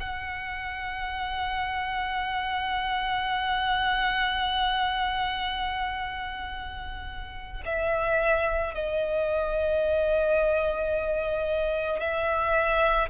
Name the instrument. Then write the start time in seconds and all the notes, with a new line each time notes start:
violin
0.00 F#5
7.65 E5
8.74 D#5
12.00 E5